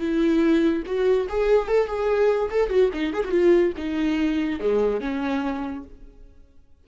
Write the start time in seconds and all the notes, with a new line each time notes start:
0.00 E4
0.86 F#4
1.30 G#4
1.68 A4
1.87 G#4
2.51 A4
2.70 F#4
2.94 D#4
3.14 G#4
3.25 F#4
3.31 F4
3.78 D#4
4.60 G#3
5.01 C#4